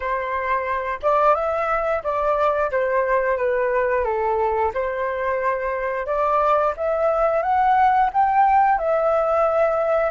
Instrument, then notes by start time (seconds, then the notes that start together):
flute
0.00 C5
1.02 D5
1.35 E5
2.03 D5
2.71 C5
3.37 B4
4.04 A4
4.73 C5
6.06 D5
6.76 E5
7.42 F#5
8.13 G5
8.78 E5